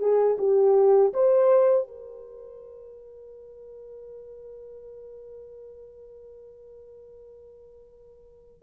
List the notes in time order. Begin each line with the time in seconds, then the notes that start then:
0.00 G#4
0.39 G4
1.14 C5
1.88 A#4